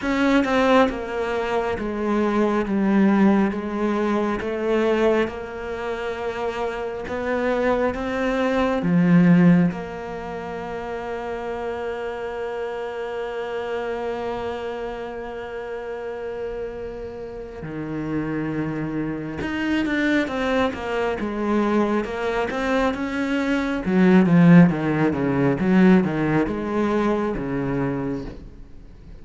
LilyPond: \new Staff \with { instrumentName = "cello" } { \time 4/4 \tempo 4 = 68 cis'8 c'8 ais4 gis4 g4 | gis4 a4 ais2 | b4 c'4 f4 ais4~ | ais1~ |
ais1 | dis2 dis'8 d'8 c'8 ais8 | gis4 ais8 c'8 cis'4 fis8 f8 | dis8 cis8 fis8 dis8 gis4 cis4 | }